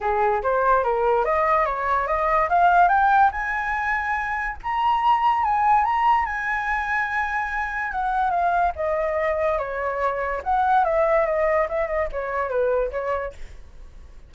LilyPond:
\new Staff \with { instrumentName = "flute" } { \time 4/4 \tempo 4 = 144 gis'4 c''4 ais'4 dis''4 | cis''4 dis''4 f''4 g''4 | gis''2. ais''4~ | ais''4 gis''4 ais''4 gis''4~ |
gis''2. fis''4 | f''4 dis''2 cis''4~ | cis''4 fis''4 e''4 dis''4 | e''8 dis''8 cis''4 b'4 cis''4 | }